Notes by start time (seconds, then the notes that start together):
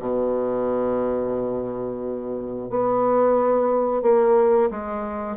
0.00 B2
2.70 B3
4.02 A#3
4.71 G#3